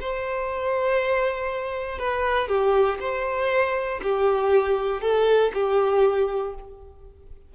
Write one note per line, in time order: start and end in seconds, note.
0.00 1.98 C5
1.98 2.48 B4
2.48 2.98 G4
3.00 4.00 C5
4.02 5.01 G4
5.01 5.52 A4
5.53 6.54 G4